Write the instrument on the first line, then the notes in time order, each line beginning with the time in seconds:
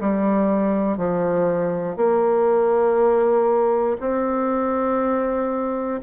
bassoon
0.00 G3
0.97 F3
1.96 A#3
4.00 C4